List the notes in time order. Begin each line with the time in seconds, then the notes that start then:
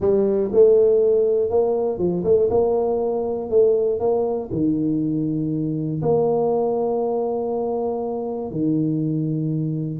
0.00 G3
0.52 A3
1.50 A#3
1.98 F3
2.24 A3
2.50 A#3
3.50 A3
3.99 A#3
4.51 D#3
6.01 A#3
8.51 D#3